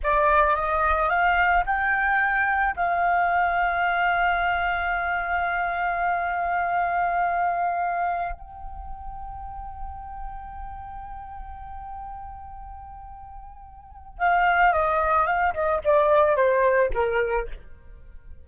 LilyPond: \new Staff \with { instrumentName = "flute" } { \time 4/4 \tempo 4 = 110 d''4 dis''4 f''4 g''4~ | g''4 f''2.~ | f''1~ | f''2.~ f''16 g''8.~ |
g''1~ | g''1~ | g''2 f''4 dis''4 | f''8 dis''8 d''4 c''4 ais'4 | }